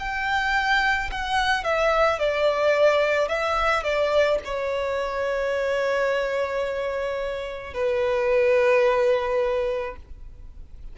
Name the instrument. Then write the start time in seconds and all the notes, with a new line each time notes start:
violin
0.00 G5
1.12 F#5
1.64 E5
2.20 D5
3.29 E5
3.84 D5
4.45 C#5
7.74 B4